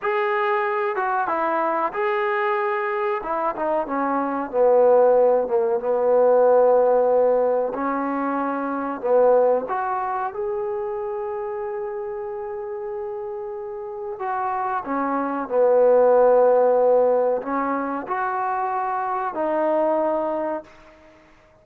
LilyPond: \new Staff \with { instrumentName = "trombone" } { \time 4/4 \tempo 4 = 93 gis'4. fis'8 e'4 gis'4~ | gis'4 e'8 dis'8 cis'4 b4~ | b8 ais8 b2. | cis'2 b4 fis'4 |
gis'1~ | gis'2 fis'4 cis'4 | b2. cis'4 | fis'2 dis'2 | }